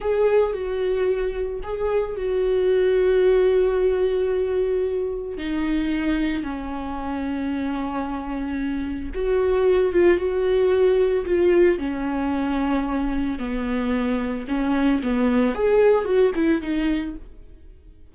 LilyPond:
\new Staff \with { instrumentName = "viola" } { \time 4/4 \tempo 4 = 112 gis'4 fis'2 gis'4 | fis'1~ | fis'2 dis'2 | cis'1~ |
cis'4 fis'4. f'8 fis'4~ | fis'4 f'4 cis'2~ | cis'4 b2 cis'4 | b4 gis'4 fis'8 e'8 dis'4 | }